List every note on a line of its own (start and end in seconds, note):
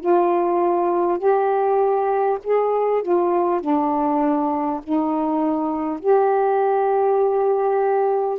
0.00 1.18 F4
1.18 2.38 G4
2.44 3.03 G#4
3.03 3.61 F4
3.61 4.81 D4
4.83 6.00 D#4
6.00 8.39 G4